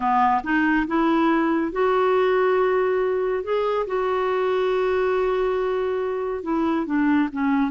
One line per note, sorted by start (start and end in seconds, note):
0.00 0.41 B3
0.43 0.86 D#4
0.87 1.72 E4
1.72 3.43 F#4
3.43 3.86 G#4
3.86 6.43 F#4
6.43 6.86 E4
6.86 7.29 D4
7.32 7.71 C#4